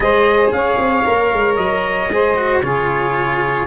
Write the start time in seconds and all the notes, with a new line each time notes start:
0.00 G#3 G#4 C5 D#5
0.51 C#4 C#5 F5
0.78 C4
1.04 A#3 A#4
1.32 G#3
1.56 F#3 D#5
2.10 G#3 G#4 C5
2.36 F#4
2.62 C#3 F4 G#4 C#5